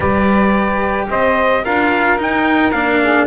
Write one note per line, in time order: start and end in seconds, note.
0.00 1.08 G3
0.00 1.64 G4
0.00 1.07 B4
0.00 1.07 D5
1.09 1.64 C4
1.09 1.63 C5
1.09 1.64 D#5
1.63 2.20 D4
1.63 2.17 F4
1.63 3.00 A#4
1.63 2.19 F5
2.17 2.72 D#4
2.17 2.73 D#4
2.17 2.71 G5
2.71 3.27 A#3
2.71 3.27 D4
2.71 3.25 F5
3.02 3.27 G#4